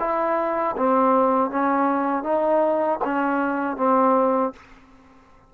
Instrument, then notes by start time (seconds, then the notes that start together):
trombone
0.00 E4
0.77 C4
1.51 C#4
2.24 D#4
3.05 C#4
3.77 C4